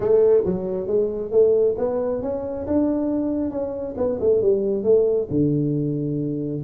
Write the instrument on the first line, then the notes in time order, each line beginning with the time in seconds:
tuba
0.00 A3
0.45 F#3
0.87 G#3
1.31 A3
1.78 B3
2.22 C#4
2.67 D4
3.51 C#4
3.97 B3
4.20 A3
4.41 G3
4.83 A3
5.30 D3